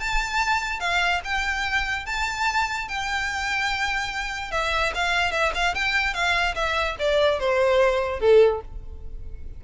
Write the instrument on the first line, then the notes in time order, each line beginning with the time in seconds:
violin
0.00 A5
0.80 F5
1.25 G5
2.06 A5
2.89 G5
4.52 E5
4.95 F5
5.32 E5
5.55 F5
5.75 G5
6.14 F5
6.55 E5
6.99 D5
7.40 C5
8.20 A4